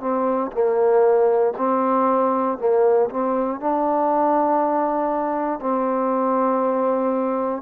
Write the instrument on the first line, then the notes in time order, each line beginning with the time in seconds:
trombone
0.00 C4
0.51 A#3
1.58 C4
2.58 A#3
3.10 C4
3.60 D4
5.60 C4